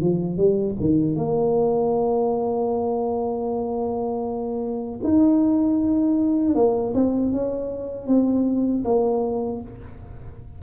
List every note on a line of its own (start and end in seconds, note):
0.00 0.36 F3
0.36 0.75 G3
0.79 1.15 D#3
1.15 5.00 A#3
5.03 6.55 D#4
6.55 6.93 A#3
6.93 7.31 C4
7.31 8.06 C#4
8.06 8.83 C4
8.84 9.61 A#3